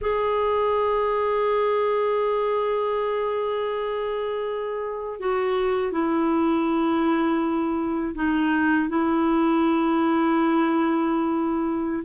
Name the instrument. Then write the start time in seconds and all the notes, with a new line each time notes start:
clarinet
0.01 G#4
5.19 F#4
5.92 E4
8.14 D#4
8.89 E4